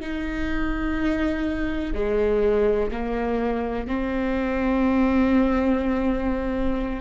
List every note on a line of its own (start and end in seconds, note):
0.00 1.94 D#4
1.94 2.91 G#3
2.91 3.87 A#3
3.87 7.01 C4